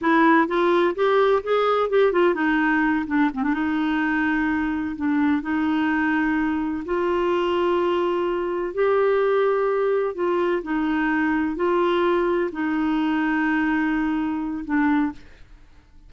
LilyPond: \new Staff \with { instrumentName = "clarinet" } { \time 4/4 \tempo 4 = 127 e'4 f'4 g'4 gis'4 | g'8 f'8 dis'4. d'8 c'16 d'16 dis'8~ | dis'2~ dis'8 d'4 dis'8~ | dis'2~ dis'8 f'4.~ |
f'2~ f'8 g'4.~ | g'4. f'4 dis'4.~ | dis'8 f'2 dis'4.~ | dis'2. d'4 | }